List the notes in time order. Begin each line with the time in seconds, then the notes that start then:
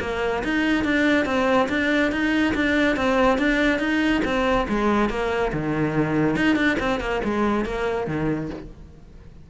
0.00 A#3
0.44 D#4
0.84 D4
1.25 C4
1.69 D4
2.11 D#4
2.55 D4
2.96 C4
3.38 D4
3.79 D#4
4.25 C4
4.68 G#3
5.09 A#3
5.53 D#3
6.36 D#4
6.56 D4
6.79 C4
7.00 A#3
7.24 G#3
7.65 A#3
8.07 D#3